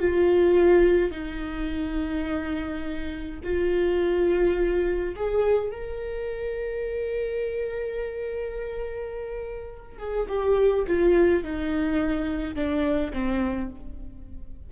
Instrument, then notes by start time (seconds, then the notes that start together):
viola
0.00 F4
1.12 D#4
3.44 F4
5.16 G#4
5.71 A#4
9.99 G#4
10.29 G4
10.88 F4
11.44 D#4
12.56 D4
13.13 C4